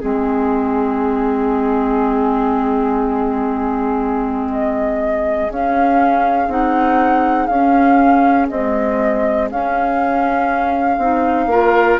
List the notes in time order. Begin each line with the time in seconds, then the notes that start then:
0.00 G#3 C4 G#4
4.52 D#5
5.50 C#4 F5
6.48 C4 D#4 F#5
7.47 C#4 F5
7.54 C#4
8.50 G#3 C4 D#5
9.51 C#4 F5
10.98 C4 D#4
11.47 A#3 F4 A#4